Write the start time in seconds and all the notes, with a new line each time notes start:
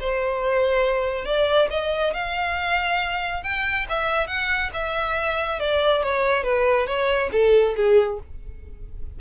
0.00 C5
1.25 D5
1.70 D#5
2.14 F5
3.43 G5
3.89 E5
4.27 F#5
4.73 E5
5.60 D5
6.03 C#5
6.44 B4
6.87 C#5
7.32 A4
7.76 G#4